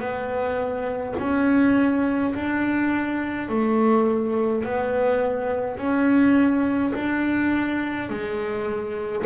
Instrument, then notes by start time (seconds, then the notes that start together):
double bass
0.00 B3
1.19 C#4
2.35 D4
3.49 A3
4.65 B3
5.78 C#4
6.95 D4
8.10 G#3